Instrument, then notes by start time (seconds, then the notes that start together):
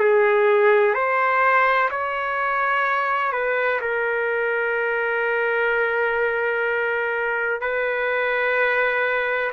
trumpet
0.00 G#4
0.95 C5
1.91 C#5
3.33 B4
3.81 A#4
7.61 B4